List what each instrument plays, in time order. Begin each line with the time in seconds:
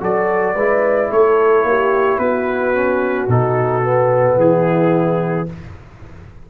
0.00 tuba F#3, trombone F#4, horn A4, trumpet D5
0.55 tuba G#3, trombone E4, horn B4
1.11 tuba A3, horn A4, trumpet C#5
1.64 tuba A#3, horn G4
2.19 tuba B3, horn F#4, trumpet B4
2.74 trombone C#4
3.28 tuba B2, trombone D#4, trumpet A4
3.83 trombone B3
4.37 tuba E3, horn E4, trumpet G#4